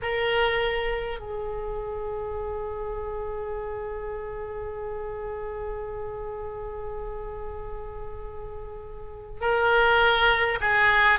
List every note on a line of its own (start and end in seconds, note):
0.02 1.19 A#4
1.19 9.41 G#4
9.41 10.58 A#4
10.60 11.19 G#4